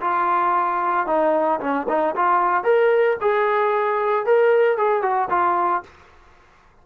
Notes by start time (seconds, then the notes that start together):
0.00 F4
1.06 D#4
1.60 C#4
1.88 D#4
2.15 F4
2.63 A#4
3.21 G#4
4.25 A#4
4.77 G#4
5.02 F#4
5.30 F4